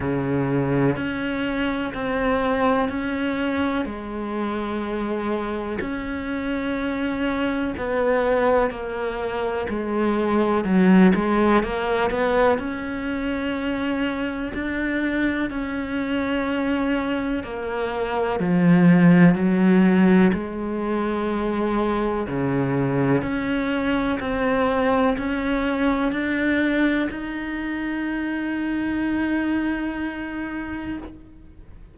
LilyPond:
\new Staff \with { instrumentName = "cello" } { \time 4/4 \tempo 4 = 62 cis4 cis'4 c'4 cis'4 | gis2 cis'2 | b4 ais4 gis4 fis8 gis8 | ais8 b8 cis'2 d'4 |
cis'2 ais4 f4 | fis4 gis2 cis4 | cis'4 c'4 cis'4 d'4 | dis'1 | }